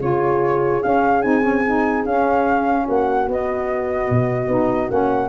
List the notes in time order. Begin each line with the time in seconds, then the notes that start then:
0.00 C#3 F4 G#4 C#5
0.83 C#4 F5
1.22 C4 D#4 G#5
1.41 C#4
1.66 D#4
2.05 C#4 F5
2.85 A#3 F#4 F#5
3.28 B3 D#5
4.10 B2
4.47 B3 D#4
4.89 A#3 C#4 F#5